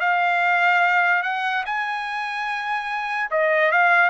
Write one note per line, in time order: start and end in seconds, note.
0.00 1.23 F5
1.23 1.64 F#5
1.66 3.30 G#5
3.31 3.71 D#5
3.71 4.09 F5